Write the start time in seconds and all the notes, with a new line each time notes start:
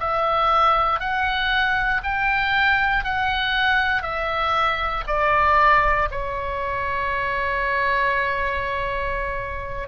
0.00 E5
1.00 F#5
2.04 G5
3.05 F#5
4.03 E5
5.08 D5
6.12 C#5